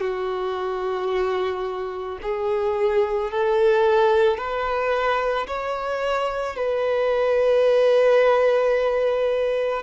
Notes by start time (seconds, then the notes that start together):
0.00 F#4
2.22 G#4
3.31 A4
4.37 B4
5.47 C#5
6.56 B4